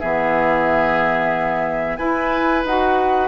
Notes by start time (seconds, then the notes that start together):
0.00 E3 B3 G#4 E5
1.97 E4 B4 G#5
2.65 D#4 F#4 F#5